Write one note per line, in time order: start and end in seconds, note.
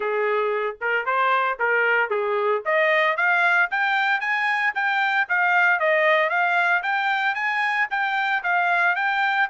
0.00 0.76 G#4
0.80 1.05 A#4
1.05 1.58 C5
1.59 2.09 A#4
2.09 2.62 G#4
2.65 3.17 D#5
3.17 3.69 F5
3.70 4.20 G5
4.20 4.73 G#5
4.75 5.27 G5
5.28 5.79 F5
5.79 6.29 D#5
6.29 6.82 F5
6.83 7.34 G5
7.34 7.87 G#5
7.90 8.43 G5
8.43 8.95 F5
8.95 9.48 G5